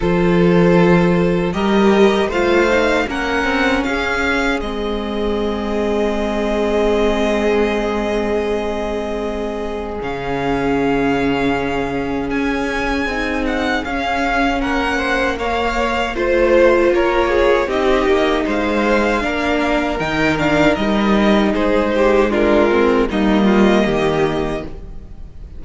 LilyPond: <<
  \new Staff \with { instrumentName = "violin" } { \time 4/4 \tempo 4 = 78 c''2 dis''4 f''4 | fis''4 f''4 dis''2~ | dis''1~ | dis''4 f''2. |
gis''4. fis''8 f''4 fis''4 | f''4 c''4 cis''4 dis''4 | f''2 g''8 f''8 dis''4 | c''4 ais'4 dis''2 | }
  \new Staff \with { instrumentName = "violin" } { \time 4/4 a'2 ais'4 c''4 | ais'4 gis'2.~ | gis'1~ | gis'1~ |
gis'2. ais'8 c''8 | cis''4 c''4 ais'8 gis'8 g'4 | c''4 ais'2. | gis'8 g'8 f'4 dis'8 f'8 g'4 | }
  \new Staff \with { instrumentName = "viola" } { \time 4/4 f'2 g'4 f'8 dis'8 | cis'2 c'2~ | c'1~ | c'4 cis'2.~ |
cis'4 dis'4 cis'2 | ais4 f'2 dis'4~ | dis'4 d'4 dis'8 d'8 dis'4~ | dis'4 d'8 c'8 ais2 | }
  \new Staff \with { instrumentName = "cello" } { \time 4/4 f2 g4 a4 | ais8 c'8 cis'4 gis2~ | gis1~ | gis4 cis2. |
cis'4 c'4 cis'4 ais4~ | ais4 a4 ais4 c'8 ais8 | gis4 ais4 dis4 g4 | gis2 g4 dis4 | }
>>